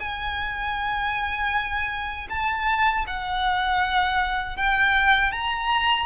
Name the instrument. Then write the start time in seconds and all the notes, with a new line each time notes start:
violin
0.00 G#5
2.30 A5
3.07 F#5
4.57 G5
5.32 A#5